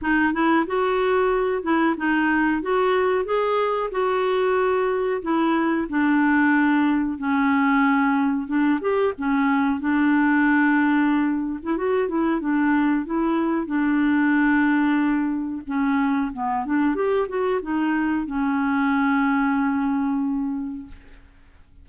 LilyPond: \new Staff \with { instrumentName = "clarinet" } { \time 4/4 \tempo 4 = 92 dis'8 e'8 fis'4. e'8 dis'4 | fis'4 gis'4 fis'2 | e'4 d'2 cis'4~ | cis'4 d'8 g'8 cis'4 d'4~ |
d'4.~ d'16 e'16 fis'8 e'8 d'4 | e'4 d'2. | cis'4 b8 d'8 g'8 fis'8 dis'4 | cis'1 | }